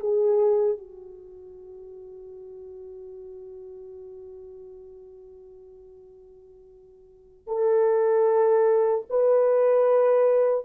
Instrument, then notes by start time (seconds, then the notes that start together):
horn
0.00 G#4
0.78 F#4
7.47 A4
9.10 B4